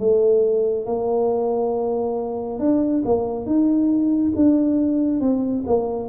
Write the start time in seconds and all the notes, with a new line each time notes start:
0.00 A3
0.86 A#3
2.60 D4
3.06 A#3
3.46 D#4
4.36 D4
5.21 C4
5.67 A#3